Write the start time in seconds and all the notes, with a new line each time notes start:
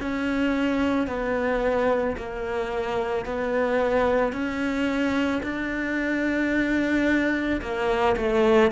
0.00 C#4
1.07 B3
2.17 A#3
3.25 B3
4.32 C#4
5.42 D4
7.61 A#3
8.16 A3